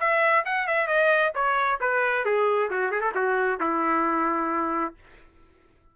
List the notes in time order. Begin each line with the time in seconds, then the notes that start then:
0.00 E5
0.45 F#5
0.68 E5
0.87 D#5
1.35 C#5
1.81 B4
2.25 G#4
2.70 F#4
2.91 G#4
3.01 A4
3.15 F#4
3.60 E4